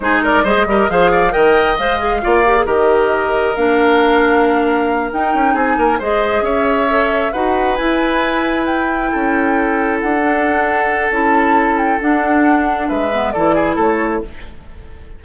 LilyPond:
<<
  \new Staff \with { instrumentName = "flute" } { \time 4/4 \tempo 4 = 135 c''8 d''8 dis''4 f''4 g''4 | f''2 dis''2 | f''2.~ f''8 g''8~ | g''8 gis''4 dis''4 e''4.~ |
e''8 fis''4 gis''2 g''8~ | g''2~ g''8 fis''4.~ | fis''4 a''4. g''8 fis''4~ | fis''4 e''4 d''4 cis''4 | }
  \new Staff \with { instrumentName = "oboe" } { \time 4/4 gis'8 ais'8 c''8 ais'8 c''8 d''8 dis''4~ | dis''4 d''4 ais'2~ | ais'1~ | ais'8 gis'8 ais'8 c''4 cis''4.~ |
cis''8 b'2.~ b'8~ | b'8 a'2.~ a'8~ | a'1~ | a'4 b'4 a'8 gis'8 a'4 | }
  \new Staff \with { instrumentName = "clarinet" } { \time 4/4 dis'4 gis'8 g'8 gis'4 ais'4 | c''8 gis'8 f'8 g'16 gis'16 g'2 | d'2.~ d'8 dis'8~ | dis'4. gis'2 a'8~ |
a'8 fis'4 e'2~ e'8~ | e'2. d'4~ | d'4 e'2 d'4~ | d'4. b8 e'2 | }
  \new Staff \with { instrumentName = "bassoon" } { \time 4/4 gis4 g16 gis16 g8 f4 dis4 | gis4 ais4 dis2 | ais2.~ ais8 dis'8 | cis'8 c'8 ais8 gis4 cis'4.~ |
cis'8 dis'4 e'2~ e'8~ | e'8 cis'2 d'4.~ | d'4 cis'2 d'4~ | d'4 gis4 e4 a4 | }
>>